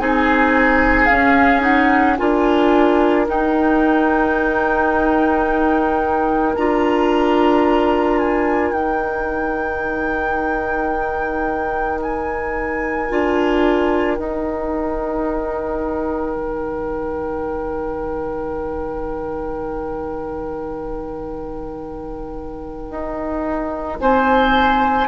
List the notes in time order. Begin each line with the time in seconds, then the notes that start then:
0.00 C4 D#4 G#4 G#5
1.06 C#4 F5
1.61 D#4 F#5
2.17 D4 F4 A#4 G#5
3.27 D#4 G5
6.56 D4 F4 A#5
8.18 G#5
8.72 D#4 G5
12.02 G#5
13.10 D4 F4
14.17 D#4 G5
16.36 D#3
22.90 D#4
24.01 C4 C5 G#5